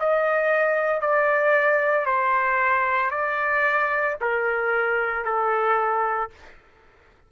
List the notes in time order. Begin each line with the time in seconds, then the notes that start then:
0.00 D#5
1.00 D5
2.06 C5
3.11 D5
4.21 A#4
5.24 A4